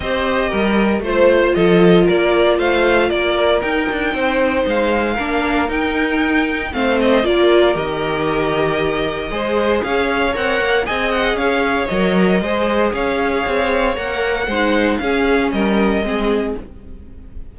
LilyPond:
<<
  \new Staff \with { instrumentName = "violin" } { \time 4/4 \tempo 4 = 116 dis''2 c''4 dis''4 | d''4 f''4 d''4 g''4~ | g''4 f''2 g''4~ | g''4 f''8 dis''8 d''4 dis''4~ |
dis''2. f''4 | fis''4 gis''8 fis''8 f''4 dis''4~ | dis''4 f''2 fis''4~ | fis''4 f''4 dis''2 | }
  \new Staff \with { instrumentName = "violin" } { \time 4/4 c''4 ais'4 c''4 a'4 | ais'4 c''4 ais'2 | c''2 ais'2~ | ais'4 c''4 ais'2~ |
ais'2 c''4 cis''4~ | cis''4 dis''4 cis''2 | c''4 cis''2. | c''4 gis'4 ais'4 gis'4 | }
  \new Staff \with { instrumentName = "viola" } { \time 4/4 g'2 f'2~ | f'2. dis'4~ | dis'2 d'4 dis'4~ | dis'4 c'4 f'4 g'4~ |
g'2 gis'2 | ais'4 gis'2 ais'4 | gis'2. ais'4 | dis'4 cis'2 c'4 | }
  \new Staff \with { instrumentName = "cello" } { \time 4/4 c'4 g4 a4 f4 | ais4 a4 ais4 dis'8 d'8 | c'4 gis4 ais4 dis'4~ | dis'4 a4 ais4 dis4~ |
dis2 gis4 cis'4 | c'8 ais8 c'4 cis'4 fis4 | gis4 cis'4 c'4 ais4 | gis4 cis'4 g4 gis4 | }
>>